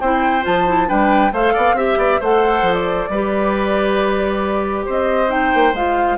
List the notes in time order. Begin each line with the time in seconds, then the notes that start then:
0.00 C4 E4 C5 G5
0.42 F3 F4 A5
0.67 E4
0.87 G3 D4 B4 G5
1.32 A3 A4 C5 F5
1.54 B3 D5
1.74 C4 G4 E5
1.98 B3 D5
2.20 A3 A4 C5 F#5
2.62 F3
2.74 D5
3.09 G3 G4 B4
4.85 C4 C5 D#5
5.28 D#4 G5
5.54 A#3
5.73 G#3 F4 F5